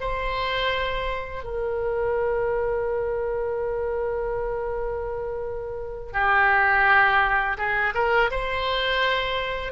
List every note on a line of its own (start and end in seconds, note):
0.00 1.44 C5
1.44 6.12 A#4
6.12 7.57 G4
7.57 7.93 G#4
7.94 8.30 A#4
8.31 9.72 C5